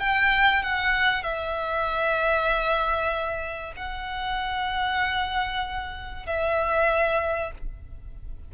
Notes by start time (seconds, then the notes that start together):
0.00 G5
0.62 F#5
1.23 E5
3.76 F#5
6.26 E5